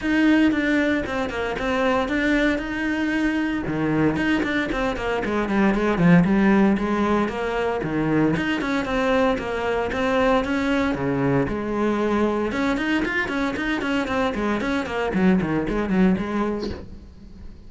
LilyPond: \new Staff \with { instrumentName = "cello" } { \time 4/4 \tempo 4 = 115 dis'4 d'4 c'8 ais8 c'4 | d'4 dis'2 dis4 | dis'8 d'8 c'8 ais8 gis8 g8 gis8 f8 | g4 gis4 ais4 dis4 |
dis'8 cis'8 c'4 ais4 c'4 | cis'4 cis4 gis2 | cis'8 dis'8 f'8 cis'8 dis'8 cis'8 c'8 gis8 | cis'8 ais8 fis8 dis8 gis8 fis8 gis4 | }